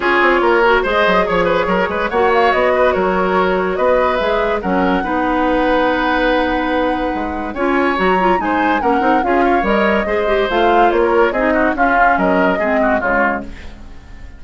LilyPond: <<
  \new Staff \with { instrumentName = "flute" } { \time 4/4 \tempo 4 = 143 cis''2 dis''4 cis''4~ | cis''4 fis''8 f''8 dis''4 cis''4~ | cis''4 dis''4 e''4 fis''4~ | fis''1~ |
fis''2 gis''4 ais''4 | gis''4 fis''4 f''4 dis''4~ | dis''4 f''4 cis''4 dis''4 | f''4 dis''2 cis''4 | }
  \new Staff \with { instrumentName = "oboe" } { \time 4/4 gis'4 ais'4 c''4 cis''8 b'8 | ais'8 b'8 cis''4. b'8 ais'4~ | ais'4 b'2 ais'4 | b'1~ |
b'2 cis''2 | c''4 ais'4 gis'8 cis''4. | c''2~ c''16 ais'8. gis'8 fis'8 | f'4 ais'4 gis'8 fis'8 f'4 | }
  \new Staff \with { instrumentName = "clarinet" } { \time 4/4 f'4. fis'8 gis'2~ | gis'4 fis'2.~ | fis'2 gis'4 cis'4 | dis'1~ |
dis'2 f'4 fis'8 f'8 | dis'4 cis'8 dis'8 f'4 ais'4 | gis'8 g'8 f'2 dis'4 | cis'2 c'4 gis4 | }
  \new Staff \with { instrumentName = "bassoon" } { \time 4/4 cis'8 c'8 ais4 gis8 fis8 f4 | fis8 gis8 ais4 b4 fis4~ | fis4 b4 gis4 fis4 | b1~ |
b4 gis4 cis'4 fis4 | gis4 ais8 c'8 cis'4 g4 | gis4 a4 ais4 c'4 | cis'4 fis4 gis4 cis4 | }
>>